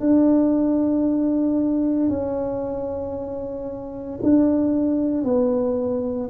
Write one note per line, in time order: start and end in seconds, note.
0.00 2.09 D4
2.09 4.20 C#4
4.22 5.24 D4
5.24 6.29 B3